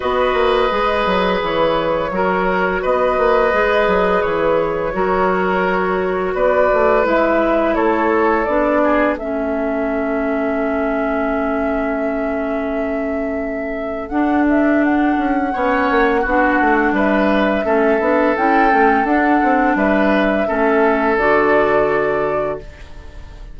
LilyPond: <<
  \new Staff \with { instrumentName = "flute" } { \time 4/4 \tempo 4 = 85 dis''2 cis''2 | dis''2 cis''2~ | cis''4 d''4 e''4 cis''4 | d''4 e''2.~ |
e''1 | fis''8 e''8 fis''2. | e''2 g''4 fis''4 | e''2 d''2 | }
  \new Staff \with { instrumentName = "oboe" } { \time 4/4 b'2. ais'4 | b'2. ais'4~ | ais'4 b'2 a'4~ | a'8 gis'8 a'2.~ |
a'1~ | a'2 cis''4 fis'4 | b'4 a'2. | b'4 a'2. | }
  \new Staff \with { instrumentName = "clarinet" } { \time 4/4 fis'4 gis'2 fis'4~ | fis'4 gis'2 fis'4~ | fis'2 e'2 | d'4 cis'2.~ |
cis'1 | d'2 cis'4 d'4~ | d'4 cis'8 d'8 e'8 cis'8 d'4~ | d'4 cis'4 fis'2 | }
  \new Staff \with { instrumentName = "bassoon" } { \time 4/4 b8 ais8 gis8 fis8 e4 fis4 | b8 ais8 gis8 fis8 e4 fis4~ | fis4 b8 a8 gis4 a4 | b4 a2.~ |
a1 | d'4. cis'8 b8 ais8 b8 a8 | g4 a8 b8 cis'8 a8 d'8 c'8 | g4 a4 d2 | }
>>